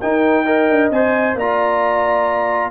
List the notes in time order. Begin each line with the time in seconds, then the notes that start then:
0.00 D#4 A#4 G5
0.45 A#4 D#5
0.70 D4
0.91 C4 C5 G#5
1.35 A#3 F4 D5 A#5